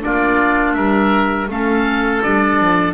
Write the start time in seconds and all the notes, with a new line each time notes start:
0.00 A#3 D4 F4 D5
0.73 G3 A#4 E5
1.48 A3 C#4 A4 F5
2.22 G3 D4 D5
2.61 F3